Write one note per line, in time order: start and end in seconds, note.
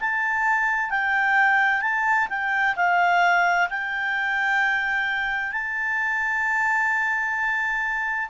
0.00 0.90 A5
0.90 1.81 G5
1.81 2.27 A5
2.29 2.75 G5
2.76 3.68 F5
3.70 5.52 G5
5.52 8.29 A5